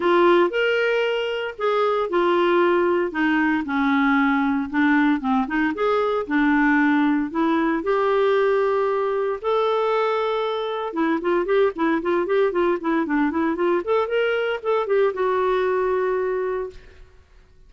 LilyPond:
\new Staff \with { instrumentName = "clarinet" } { \time 4/4 \tempo 4 = 115 f'4 ais'2 gis'4 | f'2 dis'4 cis'4~ | cis'4 d'4 c'8 dis'8 gis'4 | d'2 e'4 g'4~ |
g'2 a'2~ | a'4 e'8 f'8 g'8 e'8 f'8 g'8 | f'8 e'8 d'8 e'8 f'8 a'8 ais'4 | a'8 g'8 fis'2. | }